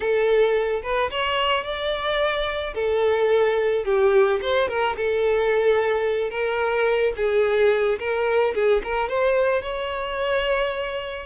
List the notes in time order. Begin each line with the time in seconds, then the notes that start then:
0.00 A4
0.83 B4
1.11 C#5
1.64 D5
2.74 A4
3.84 G4
4.41 C5
4.68 A#4
4.96 A4
6.30 A#4
7.16 G#4
7.99 A#4
8.54 G#4
8.83 A#4
9.09 C5
9.62 C#5